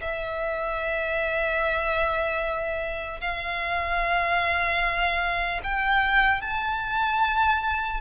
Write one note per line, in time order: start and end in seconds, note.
0.00 3.20 E5
3.20 5.60 F5
5.63 6.41 G5
6.41 8.00 A5